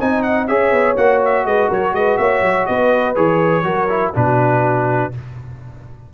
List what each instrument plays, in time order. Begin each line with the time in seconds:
0.00 tuba C4, trombone D#4, horn D#5, trumpet G#5
0.22 trumpet F#5
0.47 tuba C#4, trombone G#4, horn C#5, trumpet E5
0.71 tuba B3
0.97 tuba A#3, trombone F#4, trumpet F#5
1.25 trumpet E5
1.45 tuba G#3, horn B4, trumpet D#5
1.69 tuba F#3, horn A#4, trumpet C#5
1.93 tuba G#3, horn B4, trumpet D#5
2.17 tuba A#3, horn C#5, trumpet E5
2.42 tuba F#3
2.66 tuba B3, horn B4, trumpet D#5
3.15 tuba E3, trombone G#4, trumpet C#5
3.63 tuba F#3, trombone F#4, horn A#4
3.89 trombone E4
4.14 tuba B2, trombone D4, horn F#4, trumpet B4